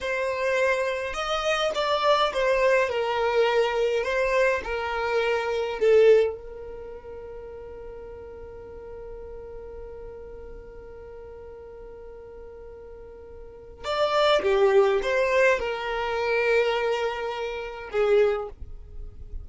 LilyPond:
\new Staff \with { instrumentName = "violin" } { \time 4/4 \tempo 4 = 104 c''2 dis''4 d''4 | c''4 ais'2 c''4 | ais'2 a'4 ais'4~ | ais'1~ |
ais'1~ | ais'1 | d''4 g'4 c''4 ais'4~ | ais'2. gis'4 | }